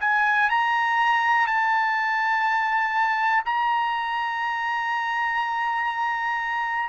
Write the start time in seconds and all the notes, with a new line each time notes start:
0.00 G#5
0.49 A#5
1.46 A5
3.45 A#5